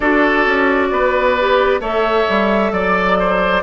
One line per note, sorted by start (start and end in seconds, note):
0.00 0.45 D4
0.00 1.37 F#4
0.00 0.87 A4
0.00 1.81 D5
0.45 0.91 C#4
0.91 1.80 B3
0.91 1.80 B4
1.39 1.80 G4
1.80 2.25 A3
1.80 3.62 A4
1.80 2.71 C#5
1.80 2.72 E5
2.28 2.72 G3
2.72 3.62 F#3
2.72 3.63 D5
2.72 3.18 D5
3.19 3.63 C5